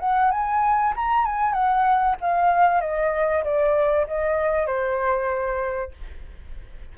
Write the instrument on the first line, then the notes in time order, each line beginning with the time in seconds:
flute
0.00 F#5
0.31 G#5
0.96 A#5
1.26 G#5
1.53 F#5
2.21 F5
2.81 D#5
3.44 D5
4.07 D#5
4.66 C5